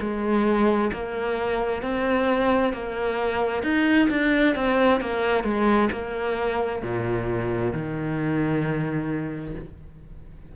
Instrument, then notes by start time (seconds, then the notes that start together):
cello
0.00 G#3
0.93 A#3
1.82 C4
2.73 A#3
3.63 D#4
4.10 D4
4.55 C4
5.00 A#3
5.44 G#3
5.92 A#3
6.82 A#2
7.73 D#3